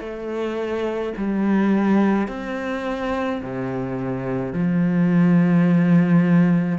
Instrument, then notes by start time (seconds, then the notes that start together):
cello
0.00 A3
1.17 G3
2.28 C4
3.42 C3
4.53 F3